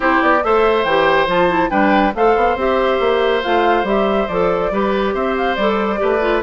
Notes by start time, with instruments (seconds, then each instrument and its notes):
0.00 bassoon C4, clarinet E4, oboe G4, flute C5
0.21 bassoon B3, flute D5
0.43 bassoon A3, clarinet A4, oboe C5, flute E5
0.84 bassoon E3, clarinet G4, flute G5
1.27 bassoon F3, clarinet F4, flute A5
1.49 clarinet E4
1.70 bassoon G3, clarinet D4, oboe B4, flute G5
2.14 bassoon A3, clarinet A4, oboe C5, flute F5
2.35 bassoon B3
2.56 bassoon C4, clarinet G4, flute E5
3.00 bassoon A#3
3.42 bassoon A3, clarinet F4, flute F5
3.83 bassoon G3, clarinet G4, flute E5
4.27 bassoon F3, clarinet A4, flute D5
4.71 bassoon G3, clarinet G4, oboe B4
5.13 bassoon C4, oboe C5, flute E5
5.37 flute F5
5.55 bassoon G3, clarinet A4, flute D5
5.97 bassoon A3, clarinet G4, oboe B4
6.21 clarinet F4